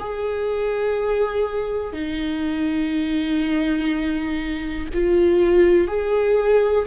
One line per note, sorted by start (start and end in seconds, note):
0.00 1.93 G#4
1.93 4.88 D#4
4.94 5.88 F4
5.88 6.86 G#4